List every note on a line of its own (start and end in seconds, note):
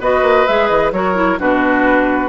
0.00 0.22 B3
0.00 0.47 F#4
0.00 0.92 B4
0.00 0.47 D#5
0.22 0.45 A#3
0.47 0.70 G#3
0.47 0.94 G#4
0.47 0.68 E5
0.68 0.92 E3
0.68 0.91 D#5
0.92 1.38 F#3
0.92 1.15 F#4
0.92 1.39 A#4
0.92 1.39 C#5
1.15 1.38 E4
1.38 2.29 B2
1.38 2.29 D4
1.38 2.29 F#4
1.38 2.29 B4